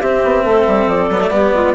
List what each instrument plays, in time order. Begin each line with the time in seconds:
0.00 bassoon C4, cello C4, clarinet G4, flute E5
0.24 bassoon B3
0.44 bassoon A3, clarinet A4
0.67 bassoon G3
0.87 bassoon F3, flute D5
1.09 bassoon F#3, cello B3
1.21 cello A3
1.31 bassoon G3, cello B3, clarinet G4
1.53 bassoon G#3, clarinet F4